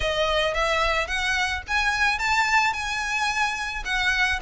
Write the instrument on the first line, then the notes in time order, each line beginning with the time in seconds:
violin
0.00 D#5
0.54 E5
1.07 F#5
1.67 G#5
2.18 A5
2.73 G#5
3.84 F#5